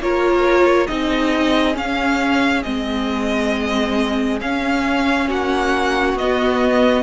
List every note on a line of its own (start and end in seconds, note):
0.00 0.88 A#3
0.00 0.88 F4
0.00 0.88 A#4
0.00 0.87 C#5
0.87 1.76 C4
0.87 1.74 D#4
0.87 5.28 G#4
0.87 1.76 D#5
1.74 2.62 C#4
1.74 2.65 C#4
1.74 2.63 F5
2.63 4.42 G#3
2.63 4.41 C4
2.63 4.40 D#5
4.41 6.17 C#4
4.41 5.30 C#4
4.41 5.30 F5
5.28 6.14 A#3
5.28 7.04 F#4
5.28 6.18 F#5
6.14 7.03 B3
6.14 7.04 D#5
6.21 7.04 B3